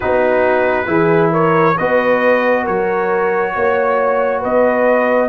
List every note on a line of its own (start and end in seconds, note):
0.00 0.87 B3
0.00 0.86 D#4
0.00 0.87 F#4
0.00 1.30 B4
0.86 1.75 E3
0.86 1.74 E4
0.86 1.31 G#4
1.31 1.75 A#4
1.31 1.77 C#5
1.77 2.67 B3
1.77 5.28 F#4
1.77 2.62 B4
1.77 2.65 D#5
2.62 3.55 F#3
2.62 3.51 A#4
2.62 4.43 C#5
3.53 4.44 A#3
3.53 4.40 C#5
4.40 5.28 B3
4.40 5.28 B4
4.40 5.28 D#5